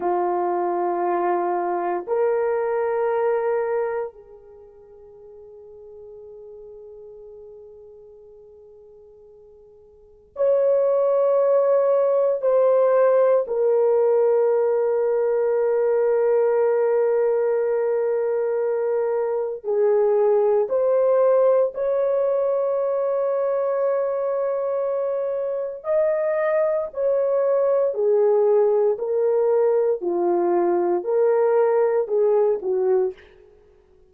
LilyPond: \new Staff \with { instrumentName = "horn" } { \time 4/4 \tempo 4 = 58 f'2 ais'2 | gis'1~ | gis'2 cis''2 | c''4 ais'2.~ |
ais'2. gis'4 | c''4 cis''2.~ | cis''4 dis''4 cis''4 gis'4 | ais'4 f'4 ais'4 gis'8 fis'8 | }